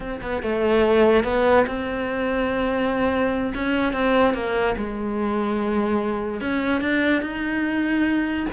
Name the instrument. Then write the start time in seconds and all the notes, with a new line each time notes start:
cello
0.00 C4
0.21 B3
0.42 A3
1.24 B3
1.66 C4
3.54 C#4
3.93 C4
4.34 A#3
4.76 G#3
6.40 C#4
6.81 D4
7.22 D#4